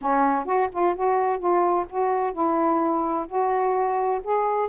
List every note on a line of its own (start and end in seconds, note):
0.01 0.45 C#4
0.45 0.68 F#4
0.72 0.95 F4
0.95 1.38 F#4
1.38 1.85 F4
1.89 2.32 F#4
2.32 3.26 E4
3.27 4.21 F#4
4.23 4.69 G#4